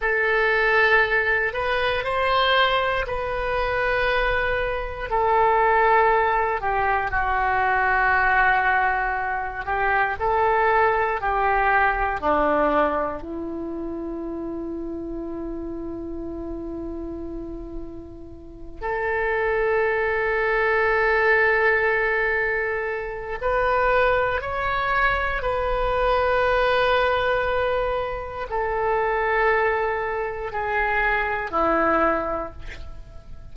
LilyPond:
\new Staff \with { instrumentName = "oboe" } { \time 4/4 \tempo 4 = 59 a'4. b'8 c''4 b'4~ | b'4 a'4. g'8 fis'4~ | fis'4. g'8 a'4 g'4 | d'4 e'2.~ |
e'2~ e'8 a'4.~ | a'2. b'4 | cis''4 b'2. | a'2 gis'4 e'4 | }